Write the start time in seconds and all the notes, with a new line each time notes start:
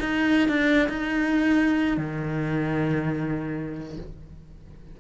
0.00 D#4
0.49 D4
0.89 D#4
1.98 D#3